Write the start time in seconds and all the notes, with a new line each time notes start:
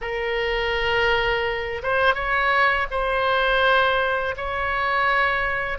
0.01 A#4
1.82 C5
2.14 C#5
2.90 C5
4.37 C#5